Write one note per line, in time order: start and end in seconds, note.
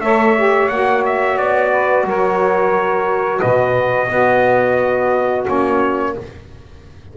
0.00 0.68 A3
0.00 0.37 A4
0.00 1.70 C#5
0.00 0.69 E5
0.37 0.71 G4
0.69 1.37 A#3
0.69 4.08 F#4
0.69 1.03 F#5
1.05 1.38 E5
1.37 2.04 B3
1.37 2.06 D5
1.70 2.05 B4
2.04 3.40 F#3
2.04 3.39 A#4
2.10 3.40 C#5
3.39 4.10 B2
3.39 4.08 B4
3.39 5.45 D#5
4.08 5.44 B3
4.08 5.46 B3
4.08 6.14 F#4
5.46 6.16 A#3
5.46 6.14 C#4
5.46 6.17 C#5